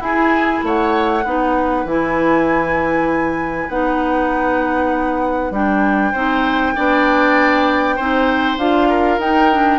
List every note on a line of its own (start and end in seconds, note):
0.00 0.61 E4
0.00 1.23 E4
0.00 0.65 G#4
0.00 0.64 G#5
0.63 1.24 A3
0.63 1.25 C#5
0.63 1.87 F#5
1.25 1.85 B3
1.25 1.87 D#4
1.25 6.12 B4
1.85 3.69 E3
1.85 3.70 E4
1.85 3.70 G#5
3.69 5.51 B3
3.69 5.53 D#4
3.69 5.53 F#5
5.51 6.12 G3
5.51 6.14 D4
5.51 8.58 G5
6.12 6.76 C4
6.12 6.76 D#4
6.12 6.73 C5
6.76 7.99 B3
6.76 7.98 D4
6.76 7.96 D5
7.96 8.57 C4
7.96 8.59 D#4
7.96 8.88 C5
8.57 9.18 D4
8.57 9.21 F4
8.57 9.20 F5
8.89 9.79 A#4
9.18 9.79 D#4
9.18 9.52 D#4
9.18 9.79 G5
9.52 9.79 D4